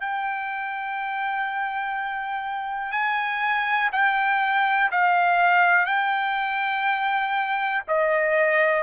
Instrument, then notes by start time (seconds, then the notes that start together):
trumpet
0.00 G5
2.92 G#5
3.92 G5
4.91 F5
5.86 G5
7.88 D#5